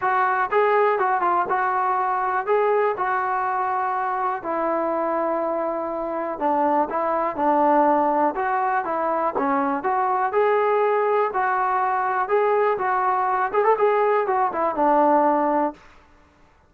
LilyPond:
\new Staff \with { instrumentName = "trombone" } { \time 4/4 \tempo 4 = 122 fis'4 gis'4 fis'8 f'8 fis'4~ | fis'4 gis'4 fis'2~ | fis'4 e'2.~ | e'4 d'4 e'4 d'4~ |
d'4 fis'4 e'4 cis'4 | fis'4 gis'2 fis'4~ | fis'4 gis'4 fis'4. gis'16 a'16 | gis'4 fis'8 e'8 d'2 | }